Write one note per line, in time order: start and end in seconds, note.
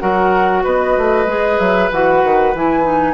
0.00 0.66 F#3
0.00 1.26 F#4
0.00 0.64 A#4
0.00 0.64 F#5
0.64 0.97 B3
0.64 3.14 B4
0.64 1.59 D#5
0.98 1.27 A3
1.27 1.58 G#3
1.27 1.91 G#4
1.59 1.92 F#3
1.59 1.91 E5
1.92 2.23 E3
1.92 2.56 F#4
1.92 2.56 F#5
2.24 2.55 D#3
2.55 3.14 E3
2.55 2.83 E4
2.55 3.14 G#5
2.83 3.14 D#4